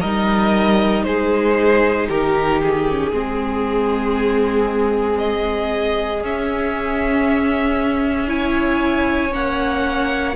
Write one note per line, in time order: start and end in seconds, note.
0.00 1.05 G3
0.00 2.87 D#4
0.00 1.03 A#4
0.00 1.04 D#5
1.04 2.09 G#3
1.04 2.09 G#4
1.04 2.07 C5
2.09 3.12 D#3
2.09 3.12 G4
2.09 2.61 A#4
2.63 5.18 G#4
2.88 3.12 C#4
3.12 6.23 G#3
3.12 6.22 C4
3.12 8.28 G#4
5.18 6.21 D#5
6.22 8.28 C#4
6.22 9.32 C#4
6.22 8.30 E5
8.28 9.31 E4
8.28 10.35 C#5
8.28 9.33 G#5
9.31 10.36 A#3
9.31 10.34 C#4
9.31 10.36 F#5